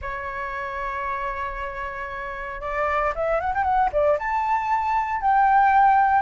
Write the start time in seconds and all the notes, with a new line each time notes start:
0.01 C#5
2.61 D5
3.15 E5
3.40 F#5
3.54 G5
3.63 F#5
3.92 D5
4.18 A5
5.21 G5